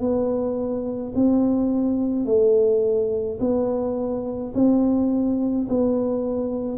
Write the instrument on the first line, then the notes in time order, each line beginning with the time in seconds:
tuba
0.00 B3
1.15 C4
2.25 A3
3.40 B3
4.55 C4
5.70 B3